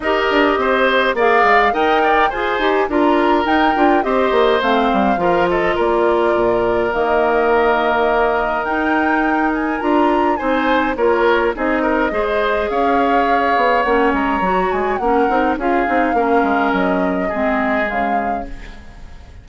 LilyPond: <<
  \new Staff \with { instrumentName = "flute" } { \time 4/4 \tempo 4 = 104 dis''2 f''4 g''4 | gis''4 ais''4 g''4 dis''4 | f''4. dis''8 d''2 | dis''2. g''4~ |
g''8 gis''8 ais''4 gis''4 cis''4 | dis''2 f''2 | fis''8 ais''4 gis''8 fis''4 f''4~ | f''4 dis''2 f''4 | }
  \new Staff \with { instrumentName = "oboe" } { \time 4/4 ais'4 c''4 d''4 dis''8 d''8 | c''4 ais'2 c''4~ | c''4 ais'8 a'8 ais'2~ | ais'1~ |
ais'2 c''4 ais'4 | gis'8 ais'8 c''4 cis''2~ | cis''2 ais'4 gis'4 | ais'2 gis'2 | }
  \new Staff \with { instrumentName = "clarinet" } { \time 4/4 g'2 gis'4 ais'4 | gis'8 g'8 f'4 dis'8 f'8 g'4 | c'4 f'2. | ais2. dis'4~ |
dis'4 f'4 dis'4 f'4 | dis'4 gis'2. | cis'4 fis'4 cis'8 dis'8 f'8 dis'8 | cis'2 c'4 gis4 | }
  \new Staff \with { instrumentName = "bassoon" } { \time 4/4 dis'8 d'8 c'4 ais8 gis8 dis'4 | f'8 dis'8 d'4 dis'8 d'8 c'8 ais8 | a8 g8 f4 ais4 ais,4 | dis2. dis'4~ |
dis'4 d'4 c'4 ais4 | c'4 gis4 cis'4. b8 | ais8 gis8 fis8 gis8 ais8 c'8 cis'8 c'8 | ais8 gis8 fis4 gis4 cis4 | }
>>